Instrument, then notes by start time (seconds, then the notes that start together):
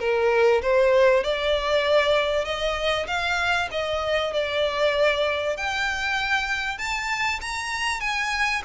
violin
0.00 A#4
0.62 C5
1.24 D5
2.45 D#5
3.08 F5
3.72 D#5
4.34 D5
5.57 G5
6.79 A5
7.42 A#5
8.01 G#5